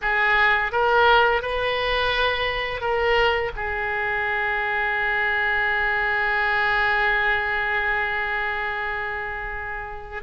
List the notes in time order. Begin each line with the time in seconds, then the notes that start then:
0.01 G#4
0.72 A#4
1.41 B4
2.80 A#4
3.56 G#4